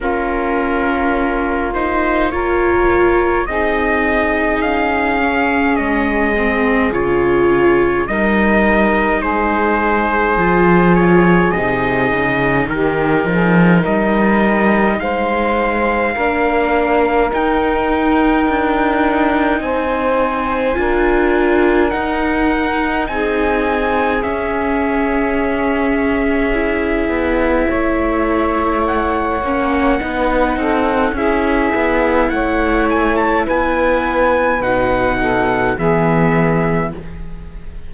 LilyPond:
<<
  \new Staff \with { instrumentName = "trumpet" } { \time 4/4 \tempo 4 = 52 ais'4. c''8 cis''4 dis''4 | f''4 dis''4 cis''4 dis''4 | c''4. cis''8 dis''4 ais'4 | dis''4 f''2 g''4~ |
g''4 gis''2 fis''4 | gis''4 e''2.~ | e''4 fis''2 e''4 | fis''8 gis''16 a''16 gis''4 fis''4 e''4 | }
  \new Staff \with { instrumentName = "saxophone" } { \time 4/4 f'2 ais'4 gis'4~ | gis'2. ais'4 | gis'2. g'8 gis'8 | ais'4 c''4 ais'2~ |
ais'4 c''4 ais'2 | gis'1 | cis''2 b'8 a'8 gis'4 | cis''4 b'4. a'8 gis'4 | }
  \new Staff \with { instrumentName = "viola" } { \time 4/4 cis'4. dis'8 f'4 dis'4~ | dis'8 cis'4 c'8 f'4 dis'4~ | dis'4 f'4 dis'2~ | dis'2 d'4 dis'4~ |
dis'2 f'4 dis'4~ | dis'4 cis'2 e'4~ | e'4. cis'8 dis'4 e'4~ | e'2 dis'4 b4 | }
  \new Staff \with { instrumentName = "cello" } { \time 4/4 ais2. c'4 | cis'4 gis4 cis4 g4 | gis4 f4 c8 cis8 dis8 f8 | g4 gis4 ais4 dis'4 |
d'4 c'4 d'4 dis'4 | c'4 cis'2~ cis'8 b8 | a4. ais8 b8 c'8 cis'8 b8 | a4 b4 b,4 e4 | }
>>